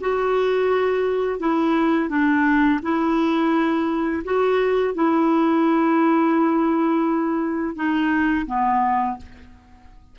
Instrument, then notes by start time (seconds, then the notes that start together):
clarinet
0.00 F#4
1.39 E4
2.09 D4
2.82 E4
4.24 F#4
4.94 E4
7.75 D#4
8.46 B3